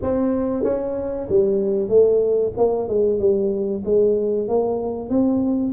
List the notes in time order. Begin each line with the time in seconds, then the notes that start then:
0.02 C4
0.63 C#4
1.29 G3
1.88 A3
2.57 A#3
2.88 G#3
3.19 G3
3.84 G#3
4.47 A#3
5.09 C4